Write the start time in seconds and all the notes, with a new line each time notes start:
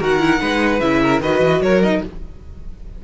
0.00 D#3 F#4 A#4 F#5
0.19 E4
0.40 G#3 D#4 B4
0.80 C#3 E4 E5
1.02 A#4
1.20 D#3 F#4 B4 D#5
1.40 E3
1.61 F#3 A#4 C#5
1.82 D#4 D#5